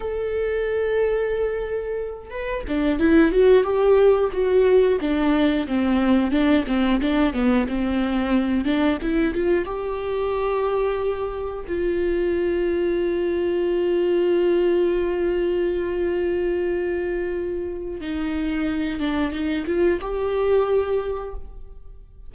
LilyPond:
\new Staff \with { instrumentName = "viola" } { \time 4/4 \tempo 4 = 90 a'2.~ a'8 b'8 | d'8 e'8 fis'8 g'4 fis'4 d'8~ | d'8 c'4 d'8 c'8 d'8 b8 c'8~ | c'4 d'8 e'8 f'8 g'4.~ |
g'4. f'2~ f'8~ | f'1~ | f'2. dis'4~ | dis'8 d'8 dis'8 f'8 g'2 | }